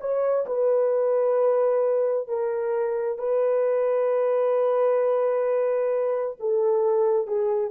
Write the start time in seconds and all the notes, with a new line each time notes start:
0.00 C#5
0.46 B4
2.28 A#4
3.18 B4
6.40 A4
7.27 G#4